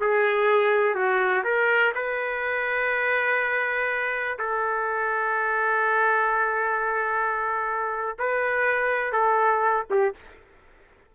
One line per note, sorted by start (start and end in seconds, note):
0.00 0.94 G#4
0.94 1.43 F#4
1.44 1.93 A#4
1.94 4.38 B4
4.38 8.16 A4
8.19 9.12 B4
9.12 9.85 A4
9.90 10.15 G4